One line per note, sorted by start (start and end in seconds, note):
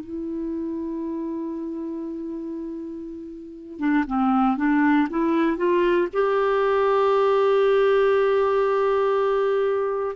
0.00 3.79 E4
3.79 4.04 D4
4.07 4.57 C4
4.57 5.08 D4
5.09 5.57 E4
5.57 6.07 F4
6.12 10.15 G4